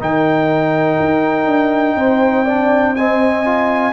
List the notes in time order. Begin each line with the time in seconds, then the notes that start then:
0.00 D#3 D#4 A#4 G5
1.00 D#4
1.46 D4
1.95 C4 C5
2.44 D4 D5
2.96 C4 D#5 G#5
3.45 F4